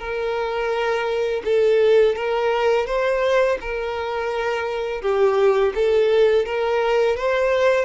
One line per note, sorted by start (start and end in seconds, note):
0.00 1.43 A#4
1.45 2.16 A4
2.16 2.87 A#4
2.87 3.58 C5
3.61 5.02 A#4
5.02 5.73 G4
5.75 6.46 A4
6.46 7.17 A#4
7.17 7.86 C5